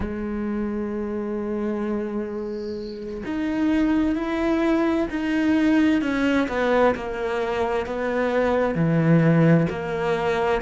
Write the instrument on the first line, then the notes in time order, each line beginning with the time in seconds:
cello
0.00 G#3
3.25 D#4
4.15 E4
5.10 D#4
6.01 C#4
6.48 B3
6.95 A#3
7.86 B3
8.74 E3
9.69 A#3